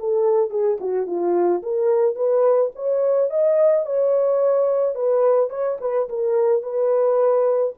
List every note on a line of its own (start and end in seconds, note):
0.00 0.51 A4
0.51 0.78 G#4
0.81 1.07 F#4
1.07 1.63 F4
1.63 2.16 A#4
2.16 2.71 B4
2.76 3.31 C#5
3.31 3.86 D#5
3.86 4.95 C#5
4.95 5.51 B4
5.51 5.78 C#5
5.81 6.09 B4
6.09 6.63 A#4
6.63 7.74 B4